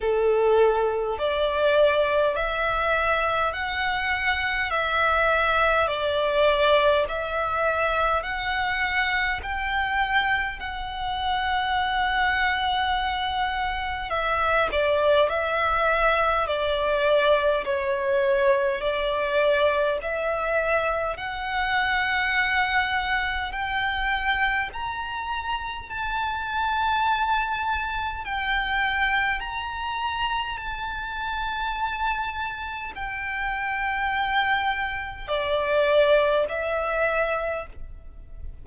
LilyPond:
\new Staff \with { instrumentName = "violin" } { \time 4/4 \tempo 4 = 51 a'4 d''4 e''4 fis''4 | e''4 d''4 e''4 fis''4 | g''4 fis''2. | e''8 d''8 e''4 d''4 cis''4 |
d''4 e''4 fis''2 | g''4 ais''4 a''2 | g''4 ais''4 a''2 | g''2 d''4 e''4 | }